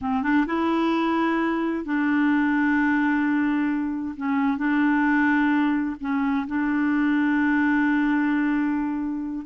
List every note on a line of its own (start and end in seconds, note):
0.01 0.22 C4
0.22 0.45 D4
0.46 1.84 E4
1.84 4.15 D4
4.16 4.57 C#4
4.57 5.96 D4
6.00 6.46 C#4
6.47 9.45 D4